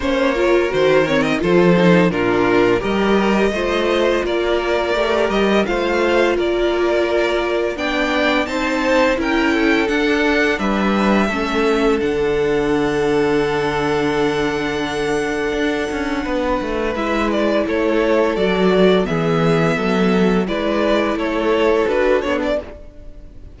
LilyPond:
<<
  \new Staff \with { instrumentName = "violin" } { \time 4/4 \tempo 4 = 85 cis''4 c''8 cis''16 dis''16 c''4 ais'4 | dis''2 d''4. dis''8 | f''4 d''2 g''4 | a''4 g''4 fis''4 e''4~ |
e''4 fis''2.~ | fis''1 | e''8 d''8 cis''4 d''4 e''4~ | e''4 d''4 cis''4 b'8 cis''16 d''16 | }
  \new Staff \with { instrumentName = "violin" } { \time 4/4 c''8 ais'4. a'4 f'4 | ais'4 c''4 ais'2 | c''4 ais'2 d''4 | c''4 ais'8 a'4. b'4 |
a'1~ | a'2. b'4~ | b'4 a'2 gis'4 | a'4 b'4 a'2 | }
  \new Staff \with { instrumentName = "viola" } { \time 4/4 cis'8 f'8 fis'8 c'8 f'8 dis'8 d'4 | g'4 f'2 g'4 | f'2. d'4 | dis'4 e'4 d'2 |
cis'4 d'2.~ | d'1 | e'2 fis'4 b4~ | b4 e'2 fis'8 d'8 | }
  \new Staff \with { instrumentName = "cello" } { \time 4/4 ais4 dis4 f4 ais,4 | g4 a4 ais4 a8 g8 | a4 ais2 b4 | c'4 cis'4 d'4 g4 |
a4 d2.~ | d2 d'8 cis'8 b8 a8 | gis4 a4 fis4 e4 | fis4 gis4 a4 d'8 b8 | }
>>